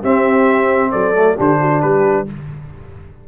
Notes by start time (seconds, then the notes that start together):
0.00 C4 G4 E5
0.91 F#3 A4 D5
1.15 A3
1.36 D3 D4 G4 C5
1.60 F#4
1.81 G3 G4 B4